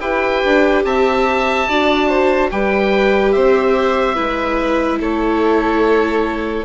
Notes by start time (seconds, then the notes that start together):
0.00 E4 G4 B4 G5
0.44 D4
0.84 C4 E5 A5
1.68 D4 F#4 D5
2.08 C5
2.51 G3 G4 B4 G5
3.32 C4 C5 E5
4.15 G#3 E4 B4
5.00 A3 A4 C#5